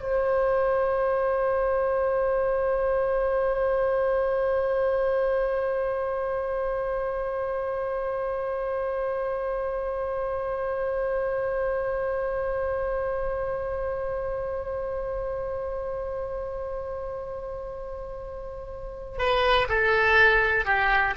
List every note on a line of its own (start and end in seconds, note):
0.00 19.18 C5
19.18 19.67 B4
19.69 20.65 A4
20.65 21.14 G4